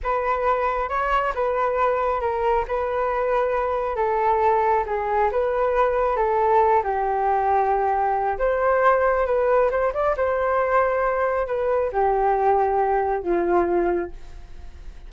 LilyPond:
\new Staff \with { instrumentName = "flute" } { \time 4/4 \tempo 4 = 136 b'2 cis''4 b'4~ | b'4 ais'4 b'2~ | b'4 a'2 gis'4 | b'2 a'4. g'8~ |
g'2. c''4~ | c''4 b'4 c''8 d''8 c''4~ | c''2 b'4 g'4~ | g'2 f'2 | }